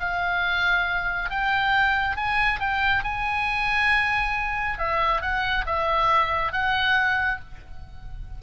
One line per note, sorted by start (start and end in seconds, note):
0.00 1.30 F5
1.30 2.17 G5
2.17 2.60 G#5
2.60 3.04 G5
3.04 4.79 G#5
4.79 5.22 E5
5.22 5.66 F#5
5.66 6.52 E5
6.52 7.40 F#5